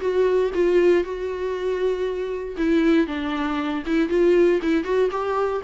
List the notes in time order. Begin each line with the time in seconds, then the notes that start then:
0.00 F#4
0.54 F4
1.04 F#4
2.57 E4
3.07 D4
3.86 E4
4.09 F4
4.62 E4
4.84 F#4
5.11 G4